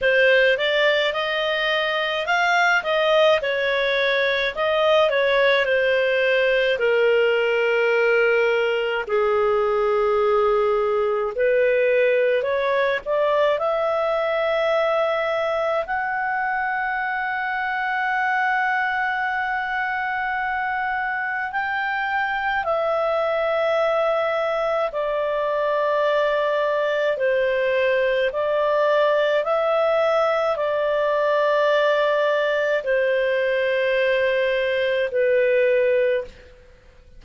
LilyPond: \new Staff \with { instrumentName = "clarinet" } { \time 4/4 \tempo 4 = 53 c''8 d''8 dis''4 f''8 dis''8 cis''4 | dis''8 cis''8 c''4 ais'2 | gis'2 b'4 cis''8 d''8 | e''2 fis''2~ |
fis''2. g''4 | e''2 d''2 | c''4 d''4 e''4 d''4~ | d''4 c''2 b'4 | }